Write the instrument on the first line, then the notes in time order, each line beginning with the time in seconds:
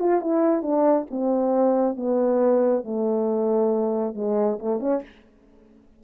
horn
0.00 F4
0.21 E4
0.62 D4
1.10 C4
1.96 B3
2.84 A3
4.15 G#3
4.59 A3
4.80 C#4